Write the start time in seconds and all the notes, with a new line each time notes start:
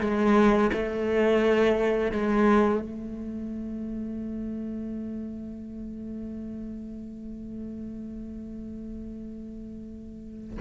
0.00 G#3
0.73 A3
2.11 G#3
2.81 A3